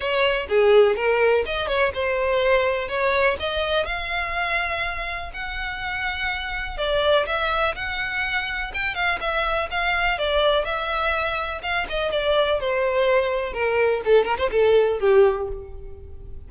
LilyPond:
\new Staff \with { instrumentName = "violin" } { \time 4/4 \tempo 4 = 124 cis''4 gis'4 ais'4 dis''8 cis''8 | c''2 cis''4 dis''4 | f''2. fis''4~ | fis''2 d''4 e''4 |
fis''2 g''8 f''8 e''4 | f''4 d''4 e''2 | f''8 dis''8 d''4 c''2 | ais'4 a'8 ais'16 c''16 a'4 g'4 | }